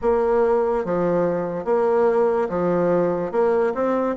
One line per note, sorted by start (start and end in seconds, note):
0.01 0.84 A#3
0.84 1.64 F3
1.64 2.48 A#3
2.48 3.31 F3
3.31 3.73 A#3
3.74 4.16 C4